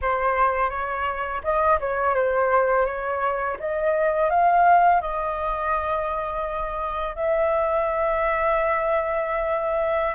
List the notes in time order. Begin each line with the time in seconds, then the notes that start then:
0.01 C5
0.69 C#5
1.43 D#5
1.80 C#5
2.15 C5
2.85 C#5
3.59 D#5
4.30 F5
5.01 D#5
7.15 E5